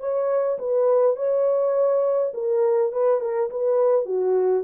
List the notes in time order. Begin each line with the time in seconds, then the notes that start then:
0.00 C#5
0.59 B4
1.16 C#5
2.34 A#4
2.92 B4
3.21 A#4
3.50 B4
4.05 F#4